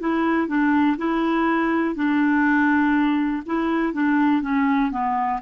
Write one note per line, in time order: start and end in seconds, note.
0.00 0.48 E4
0.48 0.97 D4
0.98 1.95 E4
1.95 3.43 D4
3.46 3.93 E4
3.93 4.42 D4
4.42 4.91 C#4
4.91 5.41 B3